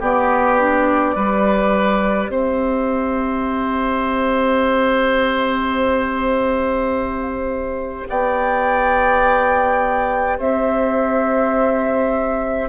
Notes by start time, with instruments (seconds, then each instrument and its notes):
0.00 bassoon B3, clarinet B3, oboe G4, flute D5
0.59 clarinet D4
1.15 bassoon G3, clarinet G4, oboe B4
2.29 bassoon C4, oboe C5, flute E5
8.09 bassoon B3, oboe D5, flute G5
10.38 bassoon C4, oboe C5, flute E5